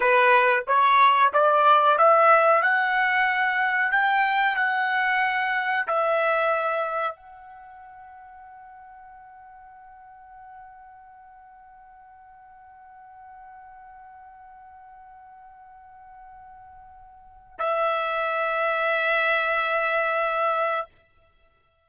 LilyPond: \new Staff \with { instrumentName = "trumpet" } { \time 4/4 \tempo 4 = 92 b'4 cis''4 d''4 e''4 | fis''2 g''4 fis''4~ | fis''4 e''2 fis''4~ | fis''1~ |
fis''1~ | fis''1~ | fis''2. e''4~ | e''1 | }